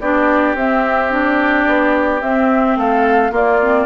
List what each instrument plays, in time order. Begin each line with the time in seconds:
0.00 bassoon B3, clarinet D4, oboe G4, flute D5
0.54 bassoon C4, clarinet C4, flute E5
1.10 clarinet D4, flute D5
1.67 bassoon B3
2.21 clarinet C4, bassoon C4, flute E5
2.76 bassoon A3, oboe A4, flute F5
3.31 bassoon A#3, clarinet A#3, oboe F4, flute D5
3.62 clarinet C4